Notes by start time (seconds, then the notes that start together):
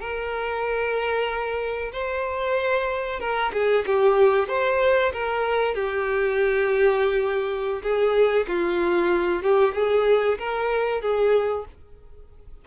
0.00 A#4
1.92 C5
3.20 A#4
3.53 G#4
3.86 G4
4.48 C5
5.13 A#4
5.74 G4
7.82 G#4
8.48 F4
9.42 G4
9.74 G#4
10.38 A#4
11.01 G#4